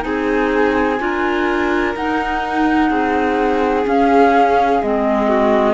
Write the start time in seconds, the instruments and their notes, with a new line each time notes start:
0.00 cello C4, clarinet D#4, violin G#4, flute G#5
0.99 cello D4, clarinet F4, violin A#4
1.95 cello D#4, clarinet D#4, flute F#5
2.89 cello C4, violin G#4
3.85 clarinet C#4, cello C#4, flute F5
4.82 cello G#3, clarinet C4, flute D#5
5.28 violin F#4